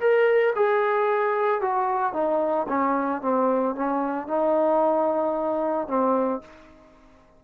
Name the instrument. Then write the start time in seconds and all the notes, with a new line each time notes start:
trombone
0.00 A#4
0.56 G#4
1.61 F#4
2.14 D#4
2.69 C#4
3.22 C4
3.75 C#4
4.28 D#4
5.88 C4